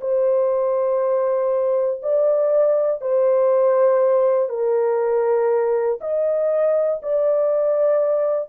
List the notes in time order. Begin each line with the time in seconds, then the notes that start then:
0.00 C5
2.02 D5
3.00 C5
4.49 A#4
6.00 D#5
7.02 D5